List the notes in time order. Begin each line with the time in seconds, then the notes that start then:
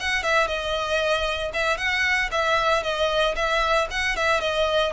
0.00 F#5
0.23 E5
0.48 D#5
1.54 E5
1.78 F#5
2.32 E5
2.83 D#5
3.36 E5
3.91 F#5
4.17 E5
4.41 D#5